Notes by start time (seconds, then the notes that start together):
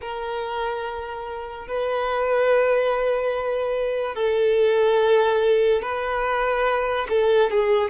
0.01 A#4
1.67 B4
4.15 A4
5.82 B4
7.09 A4
7.50 G#4